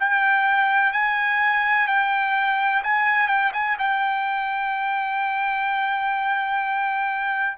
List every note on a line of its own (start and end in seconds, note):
0.00 0.93 G5
0.93 1.88 G#5
1.88 2.83 G5
2.84 3.29 G#5
3.29 3.52 G5
3.54 3.77 G#5
3.79 7.58 G5